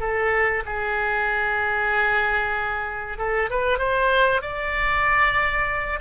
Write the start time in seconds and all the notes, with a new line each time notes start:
0.00 A4
0.66 G#4
3.18 A4
3.50 B4
3.79 C5
4.42 D5